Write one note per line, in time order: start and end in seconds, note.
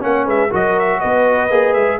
0.00 0.26 A#3
0.00 0.50 C#4
0.00 0.25 C#5
0.00 0.28 F#5
0.25 0.51 G#3
0.25 0.50 B4
0.25 0.54 E5
0.50 1.03 F#3
0.50 1.50 F#4
0.50 1.00 A#4
0.50 0.79 D#5
0.79 1.00 E5
1.00 1.51 B3
1.00 2.00 B4
1.00 1.74 D#5
1.50 1.75 A#3
1.50 2.00 G#4
1.74 2.00 G#3
1.74 1.98 E5